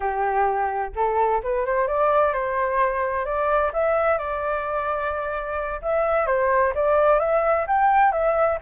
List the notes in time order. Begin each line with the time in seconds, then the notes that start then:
0.00 G4
0.95 A4
1.43 B4
1.65 C5
1.87 D5
2.33 C5
3.25 D5
3.73 E5
4.17 D5
5.82 E5
6.26 C5
6.74 D5
7.19 E5
7.67 G5
8.12 E5